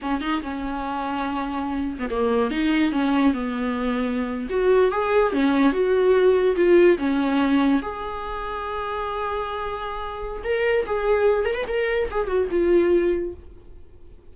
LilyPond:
\new Staff \with { instrumentName = "viola" } { \time 4/4 \tempo 4 = 144 cis'8 dis'8 cis'2.~ | cis'8. b16 ais4 dis'4 cis'4 | b2~ b8. fis'4 gis'16~ | gis'8. cis'4 fis'2 f'16~ |
f'8. cis'2 gis'4~ gis'16~ | gis'1~ | gis'4 ais'4 gis'4. ais'16 b'16 | ais'4 gis'8 fis'8 f'2 | }